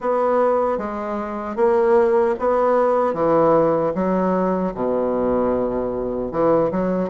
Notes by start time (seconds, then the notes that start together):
0.00 B3
0.78 G#3
1.56 A#3
2.39 B3
3.13 E3
3.94 F#3
4.74 B2
6.31 E3
6.71 F#3